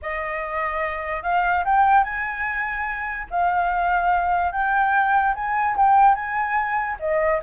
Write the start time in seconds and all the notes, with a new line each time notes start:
0.01 D#5
1.22 F5
1.64 G5
2.03 G#5
3.30 F5
4.52 G5
5.35 G#5
5.76 G5
6.15 G#5
6.99 D#5